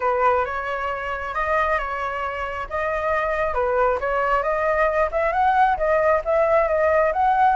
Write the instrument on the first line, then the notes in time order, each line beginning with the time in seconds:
flute
0.00 B4
0.45 C#5
1.34 D#5
1.78 C#5
2.69 D#5
3.54 B4
4.00 C#5
4.42 D#5
5.11 E5
5.32 F#5
5.77 D#5
6.24 E5
6.68 D#5
7.12 F#5